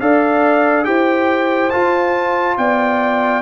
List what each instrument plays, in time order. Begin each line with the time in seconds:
0.00 tuba D4, trombone A4, horn D5, trumpet F5
0.84 tuba E4, trombone G4, horn C5, trumpet G5
1.70 trombone F4, tuba F4, trumpet A5
2.58 tuba B3, horn D5, trumpet G5